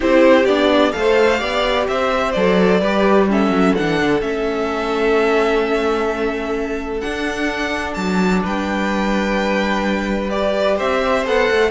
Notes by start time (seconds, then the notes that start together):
0.00 C4 E4 G4 C5
0.45 B3 D4 D5
0.92 A3 A4 F5
0.98 C5
1.37 B3 G4 D5
1.88 C4 C5 E5
2.32 F#3 A4 D5
2.80 G3 G4 B4
3.29 C#4 A4 E5
3.49 F#3
3.74 E3 D4 F#5
4.02 D3
4.21 A3 C#4 E5
7.00 D4 F#5
7.93 F#3 A5
8.42 G3 B4 G5
10.29 G4 D5
10.76 C4 C5 E5
11.25 B3 A4 F#5
11.50 A3